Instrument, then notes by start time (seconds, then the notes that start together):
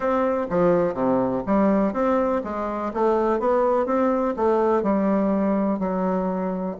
bassoon
0.00 C4
0.50 F3
0.94 C3
1.46 G3
1.93 C4
2.44 G#3
2.93 A3
3.39 B3
3.86 C4
4.36 A3
4.83 G3
5.79 F#3